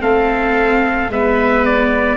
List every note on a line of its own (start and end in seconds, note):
0.00 1.09 A3
0.00 1.09 C4
0.00 1.11 A4
0.00 1.11 F5
1.09 2.17 G#3
1.09 2.17 B3
1.09 2.17 B4
1.09 1.66 E5
1.66 2.17 D5